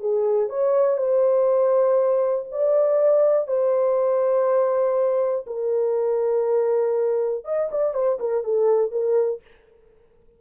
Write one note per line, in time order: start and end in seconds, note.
0.00 0.49 G#4
0.49 0.97 C#5
0.97 2.46 C5
2.52 3.47 D5
3.47 5.45 C5
5.47 7.44 A#4
7.44 7.69 D#5
7.72 7.94 D5
7.94 8.18 C5
8.19 8.44 A#4
8.44 8.91 A4
8.91 9.41 A#4